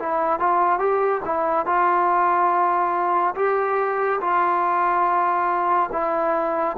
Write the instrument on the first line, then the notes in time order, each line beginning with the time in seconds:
trombone
0.00 E4
0.40 F4
0.80 G4
1.26 E4
1.66 F4
3.36 G4
4.21 F4
5.93 E4